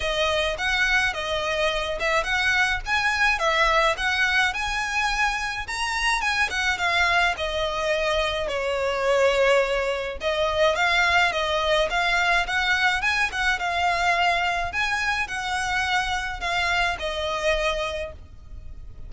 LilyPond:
\new Staff \with { instrumentName = "violin" } { \time 4/4 \tempo 4 = 106 dis''4 fis''4 dis''4. e''8 | fis''4 gis''4 e''4 fis''4 | gis''2 ais''4 gis''8 fis''8 | f''4 dis''2 cis''4~ |
cis''2 dis''4 f''4 | dis''4 f''4 fis''4 gis''8 fis''8 | f''2 gis''4 fis''4~ | fis''4 f''4 dis''2 | }